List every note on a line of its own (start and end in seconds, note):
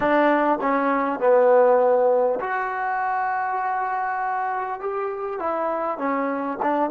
0.00 0.58 D4
0.61 1.19 C#4
1.19 2.39 B3
2.39 4.79 F#4
4.79 5.39 G4
5.39 5.98 E4
5.98 6.58 C#4
6.62 6.90 D4